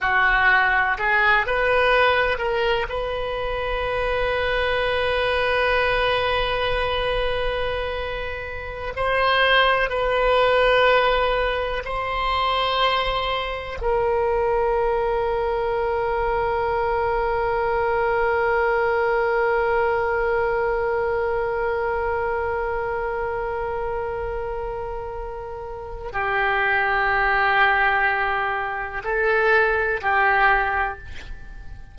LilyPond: \new Staff \with { instrumentName = "oboe" } { \time 4/4 \tempo 4 = 62 fis'4 gis'8 b'4 ais'8 b'4~ | b'1~ | b'4~ b'16 c''4 b'4.~ b'16~ | b'16 c''2 ais'4.~ ais'16~ |
ais'1~ | ais'1~ | ais'2. g'4~ | g'2 a'4 g'4 | }